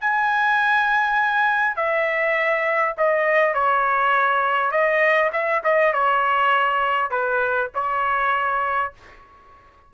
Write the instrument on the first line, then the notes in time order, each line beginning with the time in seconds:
trumpet
0.00 G#5
1.76 E5
2.97 D#5
3.54 C#5
4.71 D#5
5.32 E5
5.64 D#5
5.93 C#5
7.10 B4
7.74 C#5